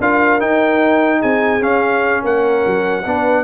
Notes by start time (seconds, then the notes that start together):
0.00 D4 F4 A#4 F5
0.40 D#4 G5
1.20 C4 G#4 G#5
1.60 C#4 F5
2.22 A#3 A#4 F#5
2.66 F#3
3.06 B3 D4 B4